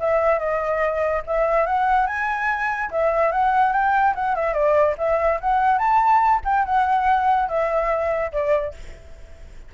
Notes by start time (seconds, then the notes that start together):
0.00 E5
0.40 D#5
1.27 E5
1.66 F#5
2.07 G#5
2.91 E5
3.32 F#5
3.73 G5
4.15 F#5
4.36 E5
4.54 D5
4.98 E5
5.41 F#5
5.79 A5
6.45 G5
6.66 F#5
7.49 E5
8.33 D5